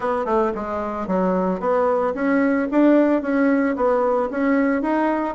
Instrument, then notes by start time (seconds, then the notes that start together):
bassoon
0.00 B3
0.25 A3
0.55 G#3
1.07 F#3
1.60 B3
2.14 C#4
2.71 D4
3.22 C#4
3.75 B3
4.30 C#4
4.81 D#4